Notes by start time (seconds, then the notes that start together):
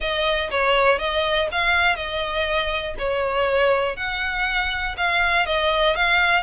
0.00 D#5
0.50 C#5
0.98 D#5
1.51 F5
1.96 D#5
2.98 C#5
3.96 F#5
4.97 F5
5.46 D#5
5.95 F5